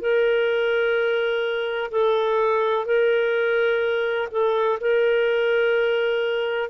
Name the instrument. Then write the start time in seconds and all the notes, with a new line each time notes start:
clarinet
0.00 A#4
1.91 A4
2.85 A#4
4.31 A4
4.80 A#4